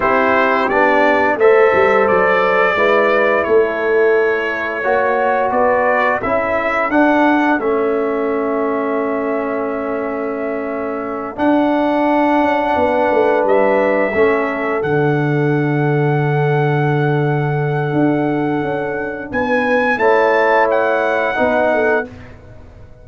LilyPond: <<
  \new Staff \with { instrumentName = "trumpet" } { \time 4/4 \tempo 4 = 87 c''4 d''4 e''4 d''4~ | d''4 cis''2. | d''4 e''4 fis''4 e''4~ | e''1~ |
e''8 fis''2. e''8~ | e''4. fis''2~ fis''8~ | fis''1 | gis''4 a''4 fis''2 | }
  \new Staff \with { instrumentName = "horn" } { \time 4/4 g'2 c''2 | b'4 a'2 cis''4 | b'4 a'2.~ | a'1~ |
a'2~ a'8 b'4.~ | b'8 a'2.~ a'8~ | a'1 | b'4 cis''2 b'8 a'8 | }
  \new Staff \with { instrumentName = "trombone" } { \time 4/4 e'4 d'4 a'2 | e'2. fis'4~ | fis'4 e'4 d'4 cis'4~ | cis'1~ |
cis'8 d'2.~ d'8~ | d'8 cis'4 d'2~ d'8~ | d'1~ | d'4 e'2 dis'4 | }
  \new Staff \with { instrumentName = "tuba" } { \time 4/4 c'4 b4 a8 g8 fis4 | gis4 a2 ais4 | b4 cis'4 d'4 a4~ | a1~ |
a8 d'4. cis'8 b8 a8 g8~ | g8 a4 d2~ d8~ | d2 d'4 cis'4 | b4 a2 b4 | }
>>